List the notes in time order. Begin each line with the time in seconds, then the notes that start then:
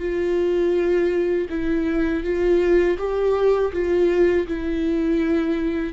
0.00 F4
1.50 E4
2.24 F4
2.99 G4
3.73 F4
4.48 E4